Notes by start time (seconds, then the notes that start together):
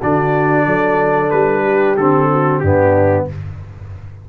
0.00 D3 D4 F#4 D5
0.66 F#3 A4
1.30 G3 B4
1.64 G4
1.96 D3 C4 A4
2.31 F#4
2.60 G2 B3 D4 G4